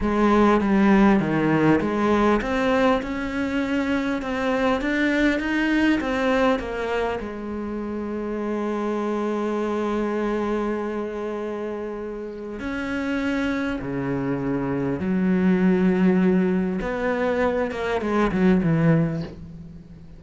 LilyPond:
\new Staff \with { instrumentName = "cello" } { \time 4/4 \tempo 4 = 100 gis4 g4 dis4 gis4 | c'4 cis'2 c'4 | d'4 dis'4 c'4 ais4 | gis1~ |
gis1~ | gis4 cis'2 cis4~ | cis4 fis2. | b4. ais8 gis8 fis8 e4 | }